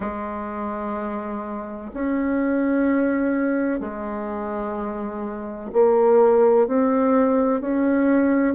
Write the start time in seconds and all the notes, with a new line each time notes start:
0.00 G#3
1.93 C#4
3.80 G#3
5.72 A#3
6.67 C4
7.60 C#4